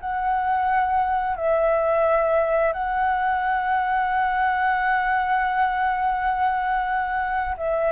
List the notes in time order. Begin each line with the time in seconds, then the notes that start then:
0.00 F#5
1.36 E5
2.72 F#5
7.57 E5